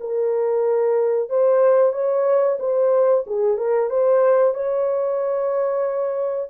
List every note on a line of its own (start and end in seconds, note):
0.00 1.29 A#4
1.29 1.92 C5
1.92 2.58 C#5
2.59 3.24 C5
3.27 3.58 G#4
3.58 3.90 A#4
3.90 4.54 C5
4.54 6.50 C#5